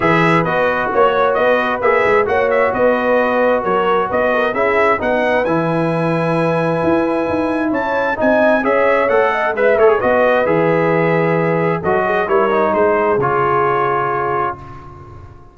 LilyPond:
<<
  \new Staff \with { instrumentName = "trumpet" } { \time 4/4 \tempo 4 = 132 e''4 dis''4 cis''4 dis''4 | e''4 fis''8 e''8 dis''2 | cis''4 dis''4 e''4 fis''4 | gis''1~ |
gis''4 a''4 gis''4 e''4 | fis''4 e''8 cis''8 dis''4 e''4~ | e''2 dis''4 cis''4 | c''4 cis''2. | }
  \new Staff \with { instrumentName = "horn" } { \time 4/4 b'2 cis''4 b'4~ | b'4 cis''4 b'2 | ais'4 b'8 ais'8 gis'4 b'4~ | b'1~ |
b'4 cis''4 dis''4 cis''4~ | cis''8 dis''8 e''4 b'2~ | b'2 a'8 gis'8 ais'4 | gis'1 | }
  \new Staff \with { instrumentName = "trombone" } { \time 4/4 gis'4 fis'2. | gis'4 fis'2.~ | fis'2 e'4 dis'4 | e'1~ |
e'2 dis'4 gis'4 | a'4 b'8 a'16 gis'16 fis'4 gis'4~ | gis'2 fis'4 e'8 dis'8~ | dis'4 f'2. | }
  \new Staff \with { instrumentName = "tuba" } { \time 4/4 e4 b4 ais4 b4 | ais8 gis8 ais4 b2 | fis4 b4 cis'4 b4 | e2. e'4 |
dis'4 cis'4 c'4 cis'4 | a4 gis8 a8 b4 e4~ | e2 fis4 g4 | gis4 cis2. | }
>>